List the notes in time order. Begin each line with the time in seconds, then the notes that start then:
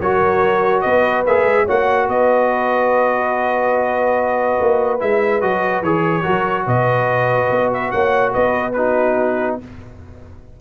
0.00 F#3 F#4 A#4 C#5
0.81 B3 B4 D#5
1.26 A#3 G#4 E5
1.44 G#3
1.65 A#3 F#4 C#5 F#5
2.08 B3 B4 D#5
4.60 A#3
4.99 G#3 E4 E5
5.41 F#3 F#4 D#5
5.81 E3 G#4 C#5
6.21 F#3 F#4 A#4
6.65 B2 B4 D#5
7.50 B3
7.73 E5
7.91 A#3 C#5 F#5
8.32 B3 B4 D#5
8.72 D#4 F#4 B4